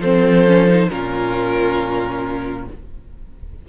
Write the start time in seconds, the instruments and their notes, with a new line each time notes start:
0.00 cello F3, viola C4, violin A4 C5
0.47 viola C#4
0.68 viola D#4
0.90 cello A#2, viola C#4, violin F4 A#4